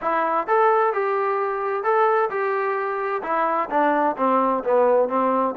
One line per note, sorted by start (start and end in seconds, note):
0.01 0.47 E4
0.47 0.93 A4
0.93 1.83 G4
1.83 2.29 A4
2.30 3.22 G4
3.22 3.69 E4
3.69 4.16 D4
4.17 4.63 C4
4.63 5.08 B3
5.08 5.54 C4